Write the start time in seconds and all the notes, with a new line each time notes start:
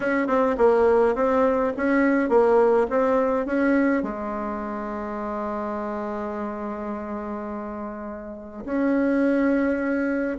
0.00 C#4
0.27 C4
0.57 A#3
1.15 C4
1.76 C#4
2.29 A#3
2.90 C4
3.46 C#4
4.02 G#3
8.65 C#4